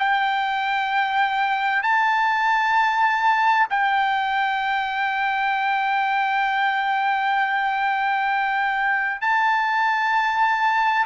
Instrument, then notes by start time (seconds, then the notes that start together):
trumpet
0.00 G5
1.83 A5
3.70 G5
9.22 A5